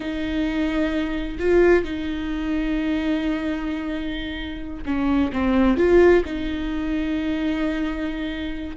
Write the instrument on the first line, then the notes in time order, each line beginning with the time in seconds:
viola
0.00 D#4
1.39 F4
1.84 D#4
4.85 C#4
5.32 C4
5.77 F4
6.25 D#4